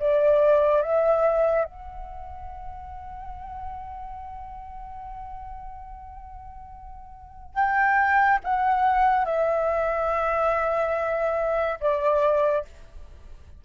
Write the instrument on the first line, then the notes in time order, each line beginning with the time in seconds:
flute
0.00 D5
0.82 E5
1.65 F#5
7.55 G5
8.44 F#5
9.25 E5
11.81 D5